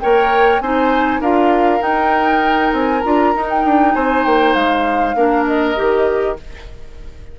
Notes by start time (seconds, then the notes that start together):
0.00 A#3 A#4 C#5 G5
0.60 C4 D#4 C5 G#5
1.20 D4 F4 A#4 F5
1.79 D#4 G5
2.72 C4 G#5
3.02 D4 F4 A#5
3.35 D#4
3.50 G5
3.64 D4
3.95 C4 C5 G#5
4.25 A#3 G5
4.54 G#3 F5
5.15 A#3 D4 A#4
5.46 D#5
5.76 D#3 G4